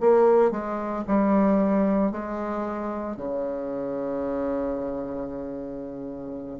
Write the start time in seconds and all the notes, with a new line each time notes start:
0.00 A#3
0.51 G#3
1.07 G3
2.11 G#3
3.16 C#3